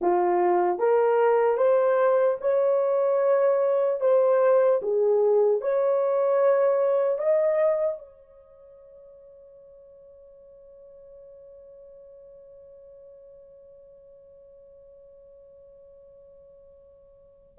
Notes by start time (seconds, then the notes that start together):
0.01 F4
0.78 A#4
1.57 C5
2.40 C#5
4.00 C5
4.82 G#4
5.61 C#5
7.18 D#5
7.98 C#5